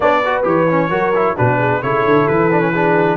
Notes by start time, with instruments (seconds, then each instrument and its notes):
0.00 tuba B3, trombone D4, horn C#5, trumpet D5
0.25 trombone F#4, horn B4
0.43 tuba E3, trombone G4, trumpet C#5
0.69 trombone C#4
0.89 tuba F#3, trombone F#4, horn A#4
1.15 trombone E4
1.35 tuba B2, trombone D4, horn F#4, trumpet B4
1.58 horn G#4
1.82 tuba C#3, trombone E4, horn A4, trumpet C#5
2.05 tuba D3
2.27 tuba E3, trumpet B4
2.51 trombone D4
2.60 trombone C#4
2.72 trombone D4, horn G#4